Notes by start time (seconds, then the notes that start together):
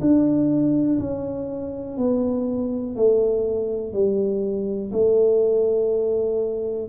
0.00 D4
0.99 C#4
1.97 B3
2.96 A3
3.93 G3
4.92 A3